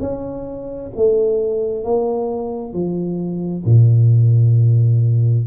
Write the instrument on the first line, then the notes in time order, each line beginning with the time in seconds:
tuba
0.00 C#4
0.96 A3
1.84 A#3
2.73 F3
3.65 A#2